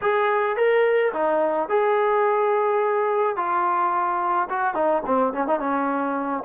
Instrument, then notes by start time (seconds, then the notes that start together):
trombone
0.01 G#4
0.56 A#4
1.13 D#4
1.68 G#4
3.36 F4
4.49 F#4
4.74 D#4
5.05 C4
5.33 C#4
5.47 D#4
5.59 C#4